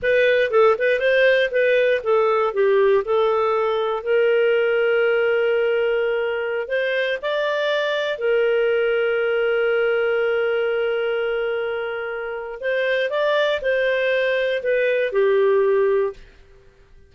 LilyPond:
\new Staff \with { instrumentName = "clarinet" } { \time 4/4 \tempo 4 = 119 b'4 a'8 b'8 c''4 b'4 | a'4 g'4 a'2 | ais'1~ | ais'4~ ais'16 c''4 d''4.~ d''16~ |
d''16 ais'2.~ ais'8.~ | ais'1~ | ais'4 c''4 d''4 c''4~ | c''4 b'4 g'2 | }